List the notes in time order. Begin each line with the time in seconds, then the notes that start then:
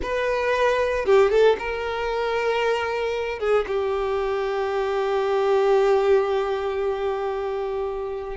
0.02 B4
1.05 G4
1.30 A4
1.58 A#4
3.39 G#4
3.67 G4